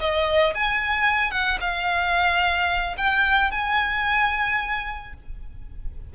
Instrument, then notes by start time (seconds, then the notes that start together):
violin
0.00 D#5
0.55 G#5
1.31 F#5
1.61 F5
2.98 G5
3.52 G#5